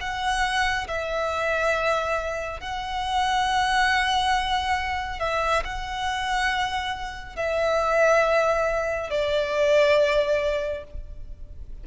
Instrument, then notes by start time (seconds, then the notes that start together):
violin
0.00 F#5
0.87 E5
2.60 F#5
5.19 E5
5.64 F#5
7.36 E5
9.09 D5